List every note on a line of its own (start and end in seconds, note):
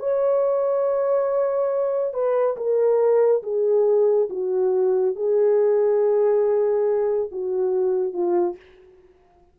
0.00 2.14 C#5
2.14 2.57 B4
2.57 3.43 A#4
3.43 4.29 G#4
4.30 5.16 F#4
5.16 7.30 G#4
7.32 8.14 F#4
8.14 8.56 F4